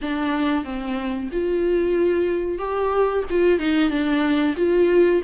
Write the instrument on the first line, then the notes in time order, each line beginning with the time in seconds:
viola
0.01 D4
0.64 C4
1.32 F4
2.58 G4
3.29 F4
3.59 D#4
3.90 D4
4.56 F4